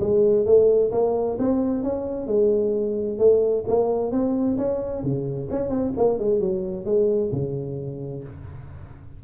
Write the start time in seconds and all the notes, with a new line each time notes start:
0.00 G#3
0.46 A3
0.92 A#3
1.39 C4
1.83 C#4
2.27 G#3
3.19 A3
3.68 A#3
4.12 C4
4.58 C#4
5.03 C#3
5.50 C#4
5.70 C4
5.97 A#3
6.19 G#3
6.40 F#3
6.85 G#3
7.32 C#3